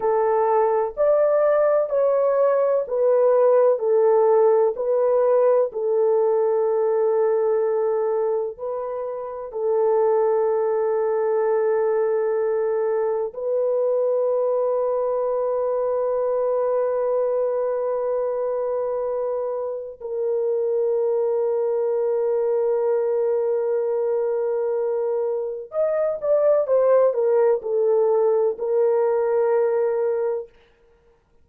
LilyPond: \new Staff \with { instrumentName = "horn" } { \time 4/4 \tempo 4 = 63 a'4 d''4 cis''4 b'4 | a'4 b'4 a'2~ | a'4 b'4 a'2~ | a'2 b'2~ |
b'1~ | b'4 ais'2.~ | ais'2. dis''8 d''8 | c''8 ais'8 a'4 ais'2 | }